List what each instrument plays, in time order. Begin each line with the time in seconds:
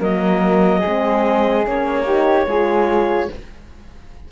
0.00 cello F#3, horn A#3, flute A#4, clarinet D#5
0.80 cello G#3, horn C4, flute G#4
1.66 cello A#3, horn C#4, clarinet C#5
2.06 horn D#4, flute G4
2.47 cello G#3, horn F4, flute G#4